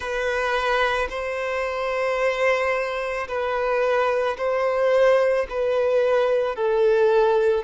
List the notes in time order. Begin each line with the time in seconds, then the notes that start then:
0.00 B4
1.09 C5
3.27 B4
4.37 C5
5.49 B4
6.55 A4